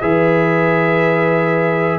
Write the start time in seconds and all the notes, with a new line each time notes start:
0.00 E3 G#4 B4 E5